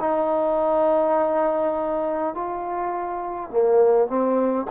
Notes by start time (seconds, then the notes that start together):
0.00 D#4
2.35 F4
3.51 A#3
4.08 C4